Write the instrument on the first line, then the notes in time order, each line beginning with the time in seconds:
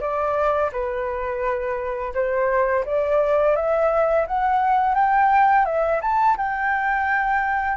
flute
0.00 D5
0.72 B4
2.14 C5
2.85 D5
3.56 E5
4.27 F#5
4.94 G5
5.65 E5
6.01 A5
6.37 G5